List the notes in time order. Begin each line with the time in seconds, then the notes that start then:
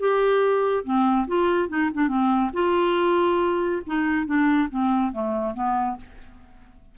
0.00 G4
0.84 C4
1.28 F4
1.69 D#4
1.94 D4
2.08 C4
2.54 F4
3.87 D#4
4.26 D4
4.70 C4
5.13 A3
5.54 B3